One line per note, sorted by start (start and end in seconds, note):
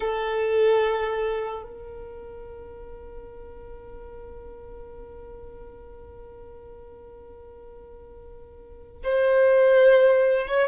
0.00 1.63 A4
1.63 9.02 A#4
9.03 10.47 C5
10.47 10.68 C#5